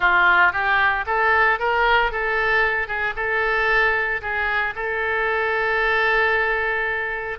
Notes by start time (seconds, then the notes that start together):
0.00 F4
0.52 G4
1.06 A4
1.59 A#4
2.11 A4
2.87 G#4
3.16 A4
4.21 G#4
4.75 A4